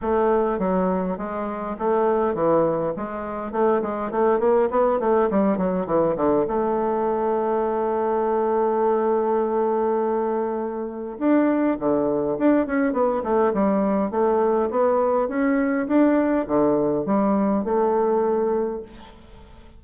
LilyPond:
\new Staff \with { instrumentName = "bassoon" } { \time 4/4 \tempo 4 = 102 a4 fis4 gis4 a4 | e4 gis4 a8 gis8 a8 ais8 | b8 a8 g8 fis8 e8 d8 a4~ | a1~ |
a2. d'4 | d4 d'8 cis'8 b8 a8 g4 | a4 b4 cis'4 d'4 | d4 g4 a2 | }